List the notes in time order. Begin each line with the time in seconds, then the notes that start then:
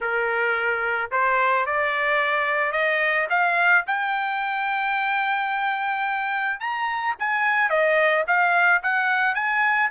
0.01 A#4
1.11 C5
1.66 D5
2.72 D#5
3.29 F5
3.86 G5
6.60 A#5
7.19 G#5
7.69 D#5
8.27 F5
8.82 F#5
9.34 G#5